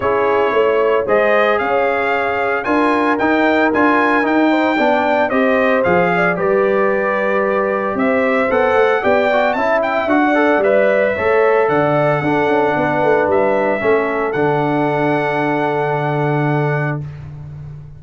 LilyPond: <<
  \new Staff \with { instrumentName = "trumpet" } { \time 4/4 \tempo 4 = 113 cis''2 dis''4 f''4~ | f''4 gis''4 g''4 gis''4 | g''2 dis''4 f''4 | d''2. e''4 |
fis''4 g''4 a''8 g''8 fis''4 | e''2 fis''2~ | fis''4 e''2 fis''4~ | fis''1 | }
  \new Staff \with { instrumentName = "horn" } { \time 4/4 gis'4 cis''4 c''4 cis''4~ | cis''4 ais'2.~ | ais'8 c''8 d''4 c''4. d''8 | b'2. c''4~ |
c''4 d''4 e''4~ e''16 d''8.~ | d''4 cis''4 d''4 a'4 | b'2 a'2~ | a'1 | }
  \new Staff \with { instrumentName = "trombone" } { \time 4/4 e'2 gis'2~ | gis'4 f'4 dis'4 f'4 | dis'4 d'4 g'4 gis'4 | g'1 |
a'4 g'8 fis'8 e'4 fis'8 a'8 | b'4 a'2 d'4~ | d'2 cis'4 d'4~ | d'1 | }
  \new Staff \with { instrumentName = "tuba" } { \time 4/4 cis'4 a4 gis4 cis'4~ | cis'4 d'4 dis'4 d'4 | dis'4 b4 c'4 f4 | g2. c'4 |
b8 a8 b4 cis'4 d'4 | g4 a4 d4 d'8 cis'8 | b8 a8 g4 a4 d4~ | d1 | }
>>